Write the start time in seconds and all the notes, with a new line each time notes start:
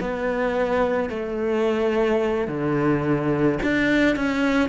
0.00 B3
1.10 A3
2.47 D3
3.63 D4
4.16 C#4